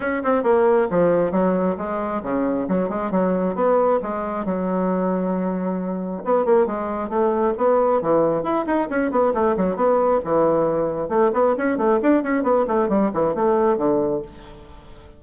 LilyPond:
\new Staff \with { instrumentName = "bassoon" } { \time 4/4 \tempo 4 = 135 cis'8 c'8 ais4 f4 fis4 | gis4 cis4 fis8 gis8 fis4 | b4 gis4 fis2~ | fis2 b8 ais8 gis4 |
a4 b4 e4 e'8 dis'8 | cis'8 b8 a8 fis8 b4 e4~ | e4 a8 b8 cis'8 a8 d'8 cis'8 | b8 a8 g8 e8 a4 d4 | }